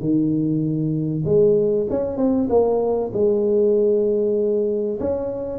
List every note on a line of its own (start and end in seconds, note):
0.00 1.24 D#3
1.25 1.87 G#3
1.90 2.18 C#4
2.18 2.49 C4
2.50 3.12 A#3
3.14 4.99 G#3
5.00 5.59 C#4